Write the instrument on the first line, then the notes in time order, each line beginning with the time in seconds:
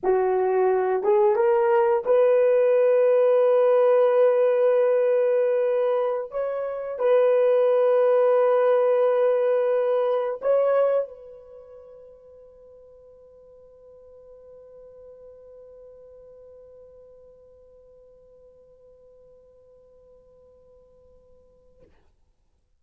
horn
0.03 F#4
1.03 G#4
1.35 A#4
2.05 B4
6.31 C#5
6.99 B4
10.41 C#5
11.08 B4